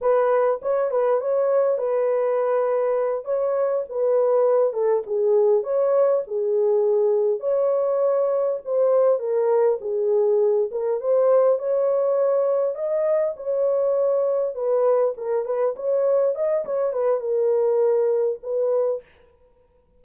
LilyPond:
\new Staff \with { instrumentName = "horn" } { \time 4/4 \tempo 4 = 101 b'4 cis''8 b'8 cis''4 b'4~ | b'4. cis''4 b'4. | a'8 gis'4 cis''4 gis'4.~ | gis'8 cis''2 c''4 ais'8~ |
ais'8 gis'4. ais'8 c''4 cis''8~ | cis''4. dis''4 cis''4.~ | cis''8 b'4 ais'8 b'8 cis''4 dis''8 | cis''8 b'8 ais'2 b'4 | }